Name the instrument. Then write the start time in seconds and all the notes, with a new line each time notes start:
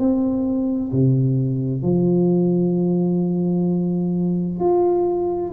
tuba
0.00 C4
0.93 C3
1.83 F3
4.60 F4